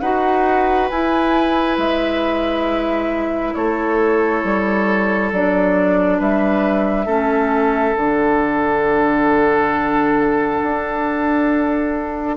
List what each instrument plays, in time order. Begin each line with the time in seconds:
0.00 bassoon D#4, clarinet F#4, oboe B4, flute F#5
0.89 bassoon E4, clarinet E4, flute G#5
1.78 bassoon G#3, flute E5
3.54 bassoon A3, oboe A4, flute C#5
4.44 bassoon G3
5.32 bassoon F#3, clarinet D4, flute D5
6.18 bassoon G3, oboe B4, flute E5
7.06 bassoon A3, clarinet C#4, oboe A4
7.96 bassoon D3, clarinet D4, flute F#5
10.62 bassoon D4